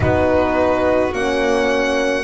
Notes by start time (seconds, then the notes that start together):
0.00 B3 D#4 F#4 B4
1.12 A#3 C#4 F#5